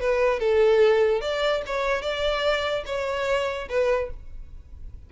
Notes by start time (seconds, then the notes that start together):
0.00 B4
0.39 A4
1.21 D5
1.66 C#5
2.01 D5
2.86 C#5
3.69 B4